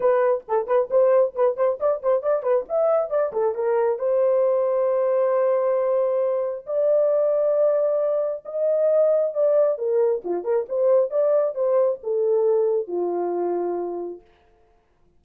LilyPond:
\new Staff \with { instrumentName = "horn" } { \time 4/4 \tempo 4 = 135 b'4 a'8 b'8 c''4 b'8 c''8 | d''8 c''8 d''8 b'8 e''4 d''8 a'8 | ais'4 c''2.~ | c''2. d''4~ |
d''2. dis''4~ | dis''4 d''4 ais'4 f'8 ais'8 | c''4 d''4 c''4 a'4~ | a'4 f'2. | }